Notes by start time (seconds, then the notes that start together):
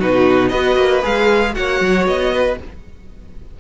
0.00 B2 D#4 F#4 B4
0.49 B3 F#4 B4 D#5
0.77 A#3
1.03 G#3 G#4 F5
1.54 A#3 F#4 C#5 F#5
1.81 F#3
2.06 B3 D#5
2.35 B4